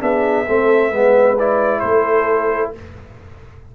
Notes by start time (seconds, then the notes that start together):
0.00 B3 D4 G#4 E5
0.47 A3 C4 A4
0.90 G#3 B3 B4
1.39 E4 D5
1.80 A3 A4 C5